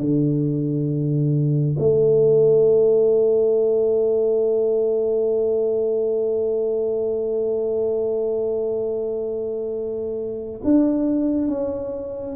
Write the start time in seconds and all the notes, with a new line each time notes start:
0.00 D3
1.78 A3
10.64 D4
11.48 C#4